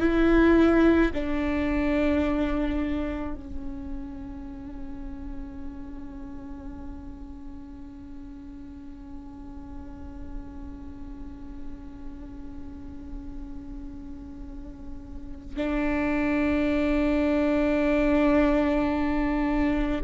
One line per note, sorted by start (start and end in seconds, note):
0.00 1.11 E4
1.14 3.35 D4
3.35 15.57 C#4
15.57 20.01 D4